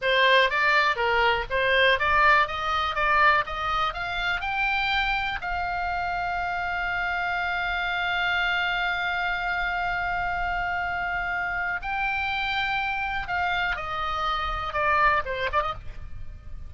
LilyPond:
\new Staff \with { instrumentName = "oboe" } { \time 4/4 \tempo 4 = 122 c''4 d''4 ais'4 c''4 | d''4 dis''4 d''4 dis''4 | f''4 g''2 f''4~ | f''1~ |
f''1~ | f''1 | g''2. f''4 | dis''2 d''4 c''8 d''16 dis''16 | }